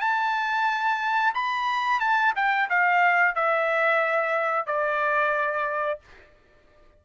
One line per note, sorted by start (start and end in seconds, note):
0.00 1.33 A5
1.34 2.00 B5
2.00 2.33 A5
2.35 2.68 G5
2.69 3.35 F5
3.35 4.66 E5
4.66 5.99 D5